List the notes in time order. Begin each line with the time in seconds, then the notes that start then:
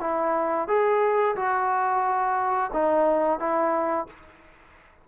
0.00 E4
0.67 G#4
1.35 F#4
2.73 D#4
3.39 E4